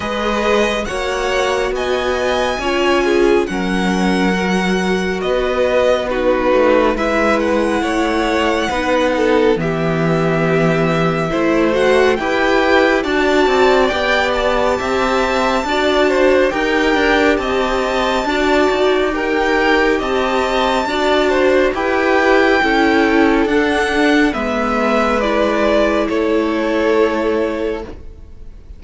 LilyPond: <<
  \new Staff \with { instrumentName = "violin" } { \time 4/4 \tempo 4 = 69 dis''4 fis''4 gis''2 | fis''2 dis''4 b'4 | e''8 fis''2~ fis''8 e''4~ | e''4. fis''8 g''4 a''4 |
g''8 a''2~ a''8 g''4 | a''2 g''4 a''4~ | a''4 g''2 fis''4 | e''4 d''4 cis''2 | }
  \new Staff \with { instrumentName = "violin" } { \time 4/4 b'4 cis''4 dis''4 cis''8 gis'8 | ais'2 b'4 fis'4 | b'4 cis''4 b'8 a'8 g'4~ | g'4 c''4 b'4 d''4~ |
d''4 e''4 d''8 c''8 ais'4 | dis''4 d''4 ais'4 dis''4 | d''8 c''8 b'4 a'2 | b'2 a'2 | }
  \new Staff \with { instrumentName = "viola" } { \time 4/4 gis'4 fis'2 f'4 | cis'4 fis'2 dis'4 | e'2 dis'4 b4~ | b4 e'8 fis'8 g'4 fis'4 |
g'2 fis'4 g'4~ | g'4 fis'4 g'2 | fis'4 g'4 e'4 d'4 | b4 e'2. | }
  \new Staff \with { instrumentName = "cello" } { \time 4/4 gis4 ais4 b4 cis'4 | fis2 b4. a8 | gis4 a4 b4 e4~ | e4 a4 e'4 d'8 c'8 |
b4 c'4 d'4 dis'8 d'8 | c'4 d'8 dis'4. c'4 | d'4 e'4 cis'4 d'4 | gis2 a2 | }
>>